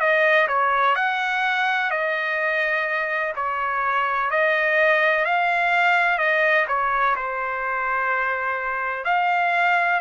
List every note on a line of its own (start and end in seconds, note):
0.00 0.48 D#5
0.48 0.96 C#5
0.96 1.91 F#5
1.91 3.34 D#5
3.36 4.31 C#5
4.31 5.26 D#5
5.26 6.19 F5
6.19 6.66 D#5
6.68 7.16 C#5
7.16 9.05 C5
9.05 10.00 F5